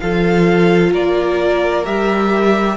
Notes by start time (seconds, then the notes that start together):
0.00 F3 F4 A4 F5
0.91 A#3 A#4 D5
1.84 G3 G4 E5